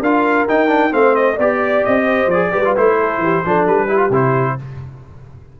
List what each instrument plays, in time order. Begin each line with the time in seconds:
0.00 tuba D4, trombone F4, horn A#4, trumpet F5
0.48 trombone D#4, tuba D#4, trumpet G5
0.68 trombone D4
0.91 tuba A3, trombone C4, horn C5, trumpet F5
1.15 trumpet D#5
1.34 tuba B3, trombone G4, horn D5, trumpet D5
1.84 tuba C4, trumpet D#5
2.05 horn C5
2.26 tuba F3, trumpet D5
2.33 trombone G#4
2.51 tuba G3, trombone G4, horn B4
2.64 trombone F4
2.76 tuba A3, trombone E4, trumpet C5
2.99 horn A4
3.18 tuba E3, horn G4
3.45 tuba F3, trombone D4, horn A4
3.66 tuba G3, trumpet B4
3.88 trombone E4, horn G4
3.97 trombone F4
4.09 tuba C3, trombone E4, trumpet C5